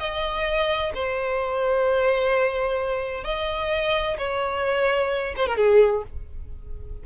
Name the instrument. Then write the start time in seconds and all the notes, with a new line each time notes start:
violin
0.00 D#5
0.95 C5
3.25 D#5
4.19 C#5
5.37 C5
5.47 A#4
5.57 G#4